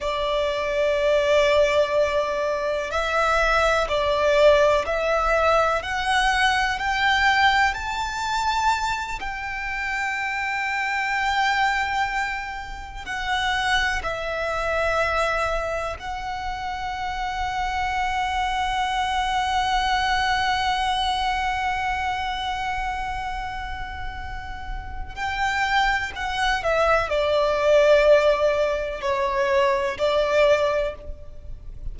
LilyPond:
\new Staff \with { instrumentName = "violin" } { \time 4/4 \tempo 4 = 62 d''2. e''4 | d''4 e''4 fis''4 g''4 | a''4. g''2~ g''8~ | g''4. fis''4 e''4.~ |
e''8 fis''2.~ fis''8~ | fis''1~ | fis''2 g''4 fis''8 e''8 | d''2 cis''4 d''4 | }